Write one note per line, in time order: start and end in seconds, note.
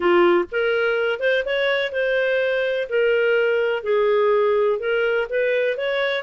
0.00 0.45 F4
0.51 1.19 A#4
1.19 1.43 C5
1.45 1.92 C#5
1.92 2.88 C5
2.89 3.83 A#4
3.83 4.79 G#4
4.79 5.27 A#4
5.29 5.77 B4
5.77 6.23 C#5